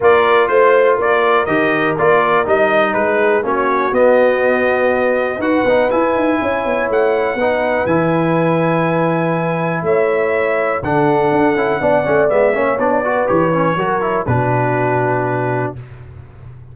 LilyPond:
<<
  \new Staff \with { instrumentName = "trumpet" } { \time 4/4 \tempo 4 = 122 d''4 c''4 d''4 dis''4 | d''4 dis''4 b'4 cis''4 | dis''2. fis''4 | gis''2 fis''2 |
gis''1 | e''2 fis''2~ | fis''4 e''4 d''4 cis''4~ | cis''4 b'2. | }
  \new Staff \with { instrumentName = "horn" } { \time 4/4 ais'4 c''4 ais'2~ | ais'2 gis'4 fis'4~ | fis'2. b'4~ | b'4 cis''2 b'4~ |
b'1 | cis''2 a'2 | d''4. cis''4 b'4. | ais'4 fis'2. | }
  \new Staff \with { instrumentName = "trombone" } { \time 4/4 f'2. g'4 | f'4 dis'2 cis'4 | b2. fis'8 dis'8 | e'2. dis'4 |
e'1~ | e'2 d'4. e'8 | d'8 cis'8 b8 cis'8 d'8 fis'8 g'8 cis'8 | fis'8 e'8 d'2. | }
  \new Staff \with { instrumentName = "tuba" } { \time 4/4 ais4 a4 ais4 dis4 | ais4 g4 gis4 ais4 | b2. dis'8 b8 | e'8 dis'8 cis'8 b8 a4 b4 |
e1 | a2 d4 d'8 cis'8 | b8 a8 gis8 ais8 b4 e4 | fis4 b,2. | }
>>